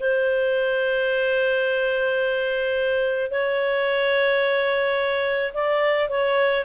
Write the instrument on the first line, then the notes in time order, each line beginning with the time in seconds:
clarinet
0.00 C5
3.31 C#5
5.54 D5
6.09 C#5